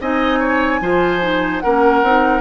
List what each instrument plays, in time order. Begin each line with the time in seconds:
0.00 bassoon C4, clarinet D#4, oboe D#5, flute G#5
0.39 oboe C#5
0.81 bassoon F3, clarinet F4, oboe C5
1.21 clarinet D#4
1.60 bassoon A#3, clarinet C#4, oboe A#4, flute F#5
2.02 bassoon C4, clarinet D#4